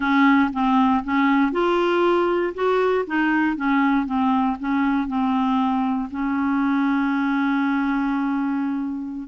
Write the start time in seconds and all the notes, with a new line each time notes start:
0.00 C#4
0.52 C4
1.04 C#4
1.51 F4
2.54 F#4
3.06 D#4
3.56 C#4
4.05 C4
4.59 C#4
5.07 C4
6.11 C#4